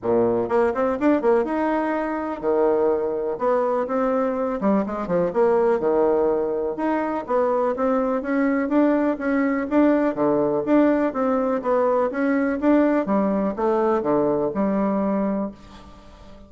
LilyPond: \new Staff \with { instrumentName = "bassoon" } { \time 4/4 \tempo 4 = 124 ais,4 ais8 c'8 d'8 ais8 dis'4~ | dis'4 dis2 b4 | c'4. g8 gis8 f8 ais4 | dis2 dis'4 b4 |
c'4 cis'4 d'4 cis'4 | d'4 d4 d'4 c'4 | b4 cis'4 d'4 g4 | a4 d4 g2 | }